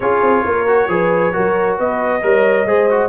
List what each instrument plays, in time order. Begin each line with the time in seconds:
0.00 tuba C#4, trombone F4, horn G#4, trumpet C#5
0.22 tuba C4
0.44 tuba A#3, horn A#4
0.67 trombone F#4
0.87 tuba F3, trombone G#4, horn B4
1.32 tuba F#3, trombone F#4, horn A#4
1.77 tuba B3, horn B4, trumpet D#5
2.22 tuba G3, trombone A#4, horn C#5
2.64 tuba G#3, trombone G#4, horn C5
2.90 trombone F#4